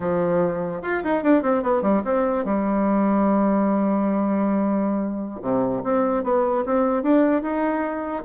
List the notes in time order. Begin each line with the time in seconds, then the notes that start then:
0.00 F3
0.81 F4
1.04 D#4
1.23 D4
1.42 C4
1.62 B3
1.82 G3
2.04 C4
2.45 G3
5.41 C3
5.83 C4
6.23 B3
6.65 C4
7.02 D4
7.42 D#4